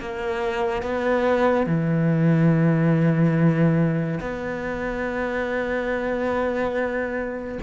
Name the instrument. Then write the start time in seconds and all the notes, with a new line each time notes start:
cello
0.00 A#3
0.83 B3
1.66 E3
4.21 B3